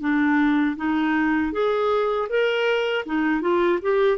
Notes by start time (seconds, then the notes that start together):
0.00 D4
0.76 D#4
1.53 G#4
2.29 A#4
3.05 D#4
3.41 F4
3.82 G4